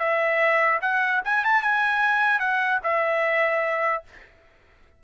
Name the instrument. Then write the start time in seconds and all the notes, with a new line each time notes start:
trumpet
0.00 E5
0.82 F#5
1.25 G#5
1.44 A5
1.63 G#5
2.40 F#5
2.84 E5